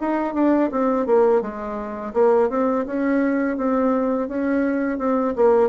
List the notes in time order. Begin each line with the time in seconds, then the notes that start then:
0.00 D#4
0.34 D4
0.71 C4
1.06 A#3
1.41 G#3
2.13 A#3
2.49 C4
2.86 C#4
3.57 C4
4.28 C#4
4.98 C4
5.36 A#3